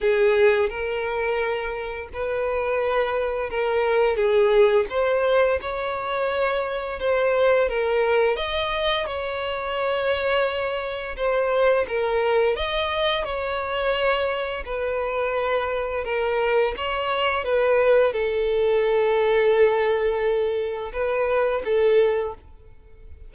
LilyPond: \new Staff \with { instrumentName = "violin" } { \time 4/4 \tempo 4 = 86 gis'4 ais'2 b'4~ | b'4 ais'4 gis'4 c''4 | cis''2 c''4 ais'4 | dis''4 cis''2. |
c''4 ais'4 dis''4 cis''4~ | cis''4 b'2 ais'4 | cis''4 b'4 a'2~ | a'2 b'4 a'4 | }